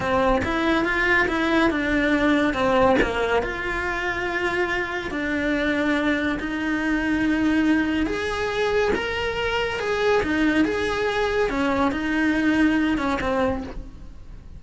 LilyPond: \new Staff \with { instrumentName = "cello" } { \time 4/4 \tempo 4 = 141 c'4 e'4 f'4 e'4 | d'2 c'4 ais4 | f'1 | d'2. dis'4~ |
dis'2. gis'4~ | gis'4 ais'2 gis'4 | dis'4 gis'2 cis'4 | dis'2~ dis'8 cis'8 c'4 | }